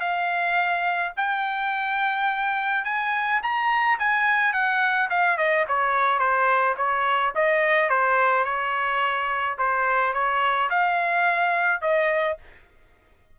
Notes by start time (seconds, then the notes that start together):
0.00 F5
1.16 G5
2.84 G#5
3.42 A#5
3.99 G#5
4.53 F#5
5.09 F5
5.37 D#5
5.67 C#5
6.19 C5
6.77 C#5
7.35 D#5
7.89 C5
8.44 C#5
9.58 C5
10.13 C#5
10.69 F5
11.81 D#5